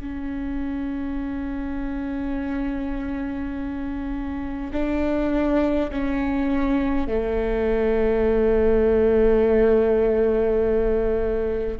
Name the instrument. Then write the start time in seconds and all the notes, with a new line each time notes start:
viola
0.00 C#4
4.72 D4
5.91 C#4
7.07 A3